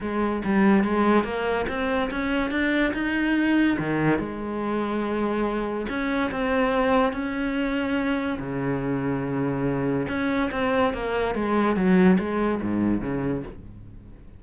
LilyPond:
\new Staff \with { instrumentName = "cello" } { \time 4/4 \tempo 4 = 143 gis4 g4 gis4 ais4 | c'4 cis'4 d'4 dis'4~ | dis'4 dis4 gis2~ | gis2 cis'4 c'4~ |
c'4 cis'2. | cis1 | cis'4 c'4 ais4 gis4 | fis4 gis4 gis,4 cis4 | }